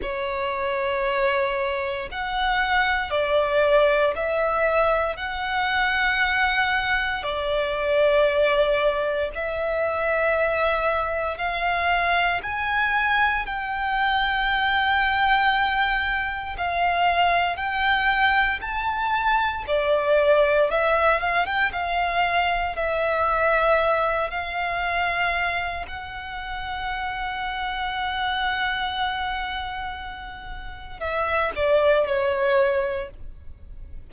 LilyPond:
\new Staff \with { instrumentName = "violin" } { \time 4/4 \tempo 4 = 58 cis''2 fis''4 d''4 | e''4 fis''2 d''4~ | d''4 e''2 f''4 | gis''4 g''2. |
f''4 g''4 a''4 d''4 | e''8 f''16 g''16 f''4 e''4. f''8~ | f''4 fis''2.~ | fis''2 e''8 d''8 cis''4 | }